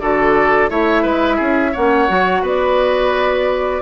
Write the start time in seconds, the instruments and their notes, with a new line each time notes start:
0.00 bassoon D3, clarinet F#4, oboe A4, flute D5
0.69 bassoon A3, clarinet E4, oboe C#5, flute E5
1.03 bassoon G#3, oboe B4
1.36 bassoon C#4, oboe G#4
1.73 bassoon A#3, clarinet C#4, oboe C#5, flute F#5
2.08 bassoon F#3, clarinet F#4
2.42 bassoon B3, oboe B4, flute D5